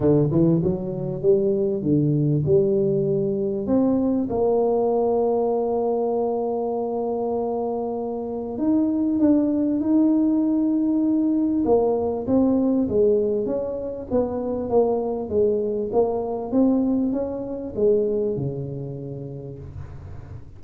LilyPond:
\new Staff \with { instrumentName = "tuba" } { \time 4/4 \tempo 4 = 98 d8 e8 fis4 g4 d4 | g2 c'4 ais4~ | ais1~ | ais2 dis'4 d'4 |
dis'2. ais4 | c'4 gis4 cis'4 b4 | ais4 gis4 ais4 c'4 | cis'4 gis4 cis2 | }